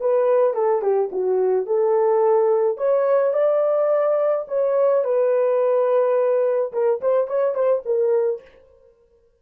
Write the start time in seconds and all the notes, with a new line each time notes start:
0.00 B4
0.54 A4
0.82 G4
1.12 F#4
1.66 A4
2.77 C#5
3.33 D5
4.48 C#5
5.04 B4
6.72 A#4
7.01 C5
7.27 C#5
7.54 C5
7.85 A#4